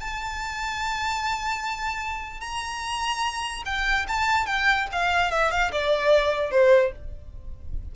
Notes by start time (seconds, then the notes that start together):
0.00 A5
2.40 A#5
3.65 G5
4.07 A5
4.46 G5
4.92 F5
5.31 E5
5.51 F5
5.71 D5
6.50 C5